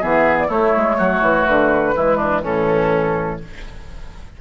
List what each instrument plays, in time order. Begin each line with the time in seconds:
0.00 bassoon E3, clarinet B3, oboe G#4, flute E5
0.39 flute D5
0.47 clarinet A3, bassoon A3, oboe E4, flute C#5
0.76 bassoon G#3
0.97 bassoon F#3, oboe F#4
1.21 bassoon E3
1.45 bassoon D3, flute B4
1.95 bassoon E3, clarinet G#3, oboe E4
2.16 oboe D4
2.42 bassoon A2, clarinet E3, oboe C#4, flute A4